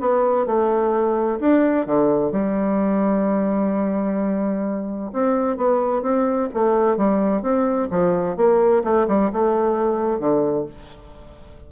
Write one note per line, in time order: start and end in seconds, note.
0.00 0.46 B3
0.46 1.39 A3
1.40 1.86 D4
1.86 2.32 D3
2.32 5.11 G3
5.13 5.57 C4
5.57 6.02 B3
6.02 6.49 C4
6.54 6.97 A3
6.97 7.42 G3
7.42 7.89 C4
7.91 8.36 F3
8.36 8.83 A#3
8.84 9.07 A3
9.08 9.31 G3
9.33 10.19 A3
10.19 10.66 D3